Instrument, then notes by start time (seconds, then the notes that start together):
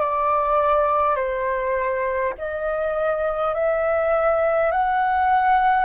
flute
0.00 D5
1.16 C5
2.39 D#5
3.55 E5
4.72 F#5